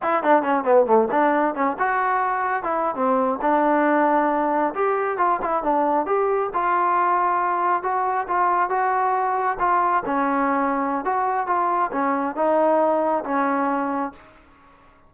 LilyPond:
\new Staff \with { instrumentName = "trombone" } { \time 4/4 \tempo 4 = 136 e'8 d'8 cis'8 b8 a8 d'4 cis'8 | fis'2 e'8. c'4 d'16~ | d'2~ d'8. g'4 f'16~ | f'16 e'8 d'4 g'4 f'4~ f'16~ |
f'4.~ f'16 fis'4 f'4 fis'16~ | fis'4.~ fis'16 f'4 cis'4~ cis'16~ | cis'4 fis'4 f'4 cis'4 | dis'2 cis'2 | }